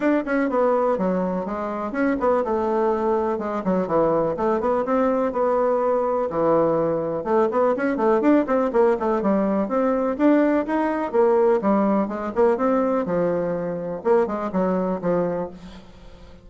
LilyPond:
\new Staff \with { instrumentName = "bassoon" } { \time 4/4 \tempo 4 = 124 d'8 cis'8 b4 fis4 gis4 | cis'8 b8 a2 gis8 fis8 | e4 a8 b8 c'4 b4~ | b4 e2 a8 b8 |
cis'8 a8 d'8 c'8 ais8 a8 g4 | c'4 d'4 dis'4 ais4 | g4 gis8 ais8 c'4 f4~ | f4 ais8 gis8 fis4 f4 | }